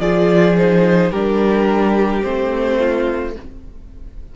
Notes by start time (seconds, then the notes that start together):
0.00 F3 F4 G#4 D5
0.57 D#4 C5
1.12 G3 D4 G4 A#4
2.23 A3 C4 C5
2.79 F4